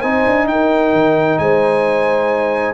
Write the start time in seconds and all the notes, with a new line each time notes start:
0.00 C4 D#4 C5 G#5
0.26 D4
0.47 D#4 A#4 G5
0.93 D#3
1.38 G#3 C5 G#5